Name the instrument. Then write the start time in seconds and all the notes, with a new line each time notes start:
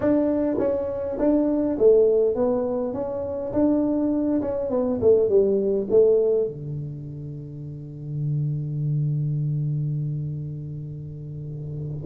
tuba
0.00 D4
0.59 C#4
1.18 D4
1.78 A3
2.35 B3
2.93 C#4
3.53 D4
4.41 C#4
4.70 B3
5.01 A3
5.28 G3
5.90 A3
6.47 D3